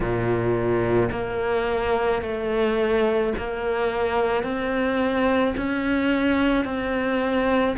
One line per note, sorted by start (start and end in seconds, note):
0.00 1.09 A#2
1.11 2.22 A#3
2.22 3.33 A3
3.37 4.43 A#3
4.43 5.54 C4
5.57 6.65 C#4
6.65 7.76 C4